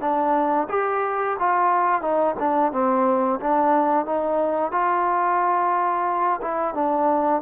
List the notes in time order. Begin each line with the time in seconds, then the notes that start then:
0.00 D4
0.69 G4
1.39 F4
2.01 D#4
2.39 D4
2.72 C4
3.40 D4
4.05 D#4
4.71 F4
6.41 E4
6.74 D4